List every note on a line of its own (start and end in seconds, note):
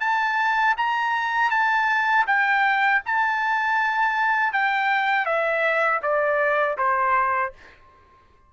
0.00 0.75 A5
0.77 1.50 A#5
1.50 2.25 A5
2.27 3.02 G5
3.06 4.53 A5
4.53 5.26 G5
5.26 6.01 E5
6.02 6.77 D5
6.78 7.53 C5